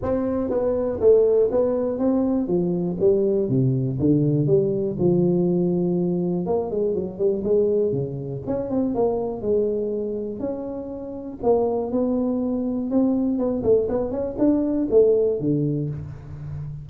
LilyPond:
\new Staff \with { instrumentName = "tuba" } { \time 4/4 \tempo 4 = 121 c'4 b4 a4 b4 | c'4 f4 g4 c4 | d4 g4 f2~ | f4 ais8 gis8 fis8 g8 gis4 |
cis4 cis'8 c'8 ais4 gis4~ | gis4 cis'2 ais4 | b2 c'4 b8 a8 | b8 cis'8 d'4 a4 d4 | }